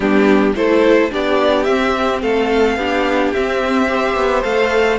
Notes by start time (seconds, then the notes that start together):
0.00 G3 B3 D4 G4
0.54 A3 E4 A4 C5
1.10 B3 D4 G4 D5
1.63 C4 E5
2.22 A3 A4 F5
2.76 B3 D4 G4
3.33 C4 E5
3.88 G4 C5
4.16 B3
4.42 A3 A4 F5